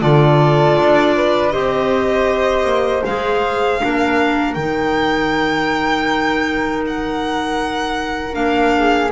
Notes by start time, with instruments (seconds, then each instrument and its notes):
0.00 double bass D3, clarinet F4, flute A4, violin D5
0.78 double bass D4
1.15 flute B4
1.50 double bass C4, clarinet G4, flute C5, violin D#5
2.64 double bass A#3
3.05 double bass G#3, clarinet G#4, violin F5
3.80 double bass A#3, clarinet D4, flute A#4
4.53 double bass D#3, clarinet D#4, violin G5
6.87 violin F#5
8.33 double bass A#3, clarinet D4, violin F5
8.78 flute G#4